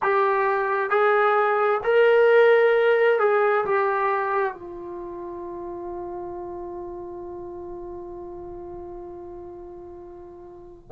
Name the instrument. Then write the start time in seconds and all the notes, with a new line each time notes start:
trombone
0.02 G4
0.90 G#4
1.83 A#4
3.19 G#4
3.65 G4
4.53 F4